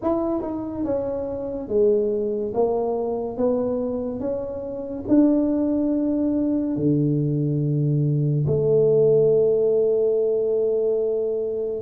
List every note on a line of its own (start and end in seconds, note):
0.02 0.41 E4
0.41 0.84 D#4
0.84 1.68 C#4
1.68 2.53 G#3
2.54 3.37 A#3
3.37 4.19 B3
4.19 5.04 C#4
5.08 6.76 D4
6.76 8.45 D3
8.46 11.82 A3